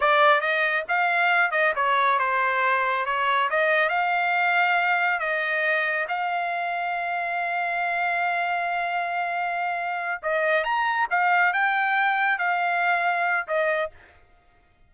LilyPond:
\new Staff \with { instrumentName = "trumpet" } { \time 4/4 \tempo 4 = 138 d''4 dis''4 f''4. dis''8 | cis''4 c''2 cis''4 | dis''4 f''2. | dis''2 f''2~ |
f''1~ | f''2.~ f''8 dis''8~ | dis''8 ais''4 f''4 g''4.~ | g''8 f''2~ f''8 dis''4 | }